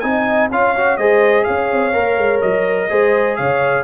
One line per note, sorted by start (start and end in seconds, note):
0.00 0.51 C4
0.00 0.51 D#4
0.00 0.51 D#5
0.00 0.48 G#5
0.51 0.98 C#4
0.51 0.76 F4
0.51 0.98 C#5
0.51 0.97 F5
0.76 0.99 F#4
0.97 1.46 G#3
0.97 1.93 G#4
0.97 1.47 C5
0.97 1.44 D#5
1.44 1.72 C#4
1.44 2.90 C#5
1.44 2.40 F5
1.72 1.95 C4
1.93 2.18 A#3
1.93 2.89 A#4
2.18 2.42 G#3
2.41 2.91 F#3
2.41 3.36 D#5
2.89 3.39 G#3
2.89 3.83 G#4
2.89 3.38 C5
3.36 3.83 C#3
3.36 3.83 C#5
3.36 3.83 F5